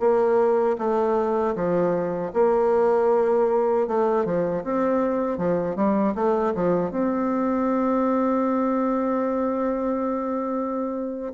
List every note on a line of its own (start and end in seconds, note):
0.00 0.77 A#3
0.78 1.55 A3
1.56 2.33 F3
2.34 3.87 A#3
3.87 4.25 A3
4.25 4.64 F3
4.64 5.38 C4
5.38 5.76 F3
5.76 6.15 G3
6.15 6.53 A3
6.55 6.92 F3
6.92 11.34 C4